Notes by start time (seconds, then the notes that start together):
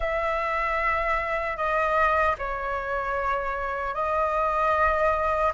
0.00 E5
1.56 D#5
2.38 C#5
3.94 D#5